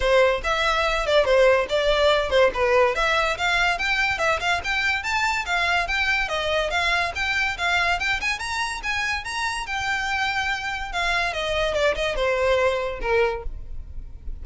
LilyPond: \new Staff \with { instrumentName = "violin" } { \time 4/4 \tempo 4 = 143 c''4 e''4. d''8 c''4 | d''4. c''8 b'4 e''4 | f''4 g''4 e''8 f''8 g''4 | a''4 f''4 g''4 dis''4 |
f''4 g''4 f''4 g''8 gis''8 | ais''4 gis''4 ais''4 g''4~ | g''2 f''4 dis''4 | d''8 dis''8 c''2 ais'4 | }